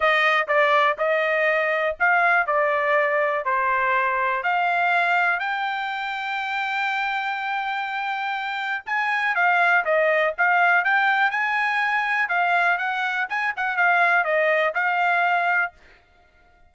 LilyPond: \new Staff \with { instrumentName = "trumpet" } { \time 4/4 \tempo 4 = 122 dis''4 d''4 dis''2 | f''4 d''2 c''4~ | c''4 f''2 g''4~ | g''1~ |
g''2 gis''4 f''4 | dis''4 f''4 g''4 gis''4~ | gis''4 f''4 fis''4 gis''8 fis''8 | f''4 dis''4 f''2 | }